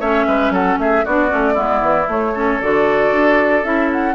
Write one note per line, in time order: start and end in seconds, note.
0.00 0.26 A3
0.00 1.05 C#4
0.00 0.26 C#5
0.00 0.52 E5
0.27 0.50 G#3
0.27 0.53 B4
0.50 0.76 F#3
0.50 0.79 A4
0.50 0.79 F#5
0.78 1.04 A3
0.78 1.05 G#4
0.78 1.05 E5
1.05 1.32 B3
1.05 1.28 D4
1.05 1.54 F#4
1.05 2.09 D5
1.28 1.57 A3
1.28 1.54 C#4
1.54 1.81 G#3
1.54 2.06 B3
1.54 2.31 E4
1.81 2.07 E3
2.08 2.60 A3
2.08 2.34 A3
2.08 2.61 C#5
2.34 2.61 C#4
2.34 4.15 A4
2.61 3.12 D3
2.61 3.64 F#4
2.61 3.64 D5
3.12 3.64 D4
3.64 4.15 C#4
3.64 4.15 E4
3.64 3.90 E5
3.92 4.15 F#5